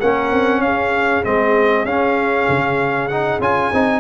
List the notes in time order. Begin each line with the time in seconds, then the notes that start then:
0.00 A#3 C#4 A#4 F#5
0.32 C4
0.59 C#4 G#4 F5
1.24 G#3 C4 D#5
1.85 C#4 F5
2.49 C#3
3.08 D#4 F#5
3.39 C#4 F4 G#5
3.73 C4 D#4